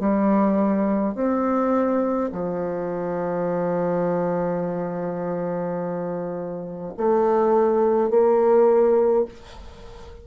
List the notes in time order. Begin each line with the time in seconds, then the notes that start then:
0.00 G3
1.15 C4
2.32 F3
6.98 A3
8.10 A#3